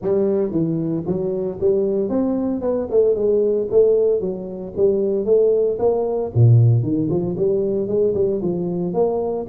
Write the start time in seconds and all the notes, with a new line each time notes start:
0.01 G3
0.51 E3
1.06 F#3
1.60 G3
2.09 C4
2.61 B3
2.90 A3
3.15 G#3
3.70 A3
4.20 F#3
4.76 G3
5.25 A3
5.78 A#3
6.34 A#2
6.82 D#3
7.09 F3
7.37 G3
7.87 G#3
8.14 G3
8.41 F3
8.93 A#3